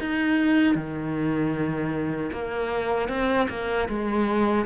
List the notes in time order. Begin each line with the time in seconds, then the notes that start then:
0.00 D#4
0.75 D#3
2.32 A#3
3.09 C4
3.49 A#3
3.88 G#3